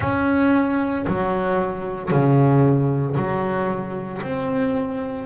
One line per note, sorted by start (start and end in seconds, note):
0.00 1.05 C#4
1.07 2.11 F#3
2.11 3.16 C#3
3.16 4.21 F#3
4.22 5.25 C4